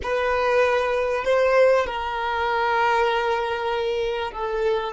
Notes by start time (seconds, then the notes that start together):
0.02 B4
1.24 C5
1.86 A#4
4.31 A4